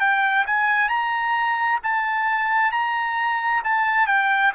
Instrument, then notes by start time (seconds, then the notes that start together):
trumpet
0.00 G5
0.47 G#5
0.89 A#5
1.83 A5
2.72 A#5
3.64 A5
4.07 G5